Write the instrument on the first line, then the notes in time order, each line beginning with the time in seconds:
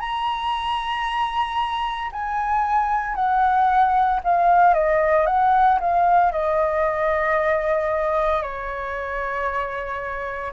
flute
0.00 A#5
2.12 G#5
3.15 F#5
4.24 F5
4.74 D#5
5.26 F#5
5.80 F5
6.32 D#5
8.43 C#5